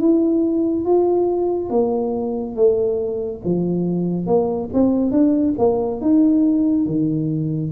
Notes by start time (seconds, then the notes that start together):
0.00 E4
0.85 F4
1.70 A#3
2.56 A3
3.45 F3
4.27 A#3
4.73 C4
5.12 D4
5.58 A#3
6.01 D#4
6.86 D#3